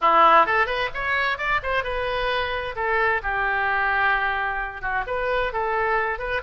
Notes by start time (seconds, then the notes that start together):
0.01 E4
0.45 A4
0.66 B4
0.93 C#5
1.37 D5
1.63 C5
1.83 B4
2.75 A4
3.22 G4
4.81 F#4
5.07 B4
5.52 A4
6.18 B4